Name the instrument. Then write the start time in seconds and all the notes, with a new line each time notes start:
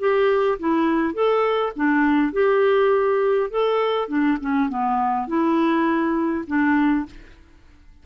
clarinet
0.00 G4
0.60 E4
1.14 A4
1.76 D4
2.33 G4
3.51 A4
4.09 D4
4.41 C#4
4.70 B3
5.28 E4
6.48 D4